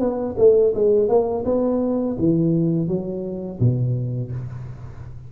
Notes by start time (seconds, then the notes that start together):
0.00 B3
0.38 A3
0.75 G#3
1.09 A#3
1.45 B3
2.19 E3
2.88 F#3
3.60 B2